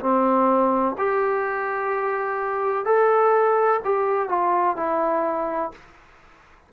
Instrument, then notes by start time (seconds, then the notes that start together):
trombone
0.00 C4
0.98 G4
2.85 A4
3.84 G4
4.29 F4
4.76 E4